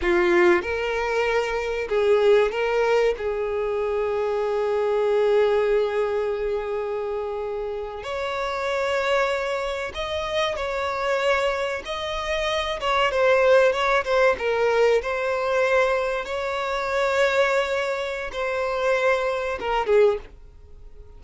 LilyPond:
\new Staff \with { instrumentName = "violin" } { \time 4/4 \tempo 4 = 95 f'4 ais'2 gis'4 | ais'4 gis'2.~ | gis'1~ | gis'8. cis''2. dis''16~ |
dis''8. cis''2 dis''4~ dis''16~ | dis''16 cis''8 c''4 cis''8 c''8 ais'4 c''16~ | c''4.~ c''16 cis''2~ cis''16~ | cis''4 c''2 ais'8 gis'8 | }